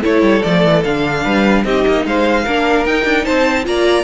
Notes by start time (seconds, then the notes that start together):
0.00 E4 A4 C#5
0.06 A3
0.22 G3
0.43 F3 A3 D5
0.64 E3
0.84 D3 D4 F5
1.24 G3 B4
1.64 C4 D#4 G4 D#5
1.87 A#3
2.06 G#3 C5 F5
2.44 A#3 D4 A#4
2.85 D#4 G5
3.05 D4
3.25 C4 C5 A5
3.64 A#3 F4 D5 A#5